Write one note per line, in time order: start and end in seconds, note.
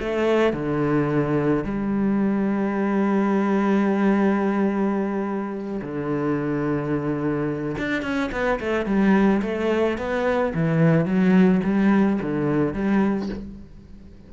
0.00 0.54 A3
0.54 1.65 D3
1.65 5.81 G3
5.82 7.77 D3
7.79 8.03 D4
8.03 8.30 C#4
8.32 8.60 B3
8.60 8.86 A3
8.86 9.42 G3
9.43 9.98 A3
9.98 10.54 B3
10.55 11.06 E3
11.06 11.61 F#3
11.64 12.20 G3
12.22 12.74 D3
12.74 13.29 G3